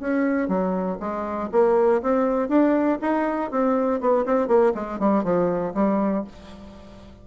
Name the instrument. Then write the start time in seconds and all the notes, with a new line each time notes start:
bassoon
0.00 C#4
0.48 F#3
1.00 G#3
1.52 A#3
2.02 C4
2.49 D4
3.02 D#4
3.51 C4
4.01 B3
4.26 C4
4.48 A#3
4.75 G#3
5.00 G3
5.24 F3
5.74 G3